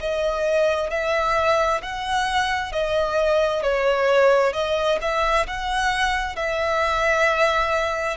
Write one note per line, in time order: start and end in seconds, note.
0.00 0.90 D#5
0.90 1.81 E5
1.82 2.72 F#5
2.72 3.62 D#5
3.62 4.53 C#5
4.53 4.98 D#5
5.01 5.47 E5
5.47 6.36 F#5
6.36 8.17 E5